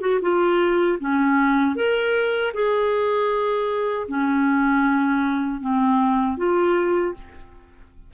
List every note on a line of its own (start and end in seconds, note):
0.00 0.19 F#4
0.21 0.98 F4
0.99 1.75 C#4
1.75 2.52 A#4
2.53 4.07 G#4
4.08 5.60 C#4
5.60 6.37 C4
6.37 7.14 F4